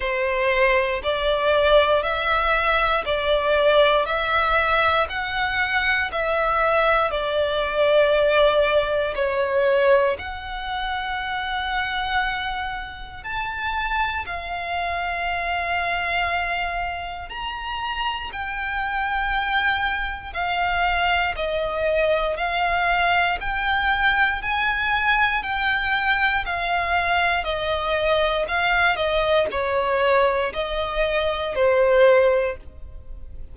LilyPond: \new Staff \with { instrumentName = "violin" } { \time 4/4 \tempo 4 = 59 c''4 d''4 e''4 d''4 | e''4 fis''4 e''4 d''4~ | d''4 cis''4 fis''2~ | fis''4 a''4 f''2~ |
f''4 ais''4 g''2 | f''4 dis''4 f''4 g''4 | gis''4 g''4 f''4 dis''4 | f''8 dis''8 cis''4 dis''4 c''4 | }